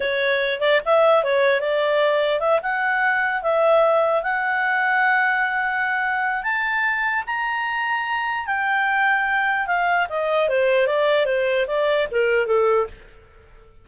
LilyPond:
\new Staff \with { instrumentName = "clarinet" } { \time 4/4 \tempo 4 = 149 cis''4. d''8 e''4 cis''4 | d''2 e''8 fis''4.~ | fis''8 e''2 fis''4.~ | fis''1 |
a''2 ais''2~ | ais''4 g''2. | f''4 dis''4 c''4 d''4 | c''4 d''4 ais'4 a'4 | }